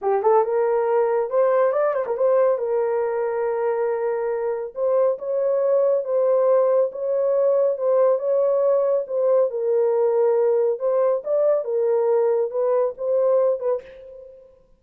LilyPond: \new Staff \with { instrumentName = "horn" } { \time 4/4 \tempo 4 = 139 g'8 a'8 ais'2 c''4 | d''8 c''16 ais'16 c''4 ais'2~ | ais'2. c''4 | cis''2 c''2 |
cis''2 c''4 cis''4~ | cis''4 c''4 ais'2~ | ais'4 c''4 d''4 ais'4~ | ais'4 b'4 c''4. b'8 | }